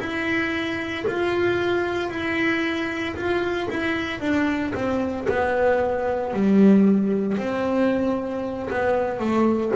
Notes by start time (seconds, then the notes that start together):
0.00 E4
1.07 F4
2.10 E4
3.16 F4
3.70 E4
4.20 D4
4.74 C4
5.29 B3
6.33 G3
7.38 C4
8.70 B3
9.19 A3